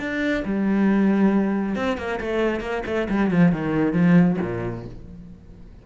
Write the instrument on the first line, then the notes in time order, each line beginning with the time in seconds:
cello
0.00 D4
0.46 G3
1.76 C4
1.98 A#3
2.21 A3
2.61 A#3
2.86 A3
3.10 G3
3.31 F3
3.52 D#3
3.93 F3
4.42 A#2